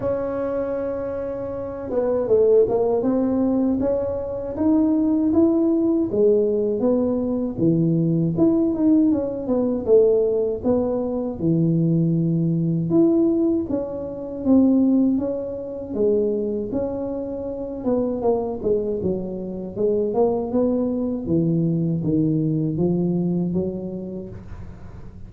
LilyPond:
\new Staff \with { instrumentName = "tuba" } { \time 4/4 \tempo 4 = 79 cis'2~ cis'8 b8 a8 ais8 | c'4 cis'4 dis'4 e'4 | gis4 b4 e4 e'8 dis'8 | cis'8 b8 a4 b4 e4~ |
e4 e'4 cis'4 c'4 | cis'4 gis4 cis'4. b8 | ais8 gis8 fis4 gis8 ais8 b4 | e4 dis4 f4 fis4 | }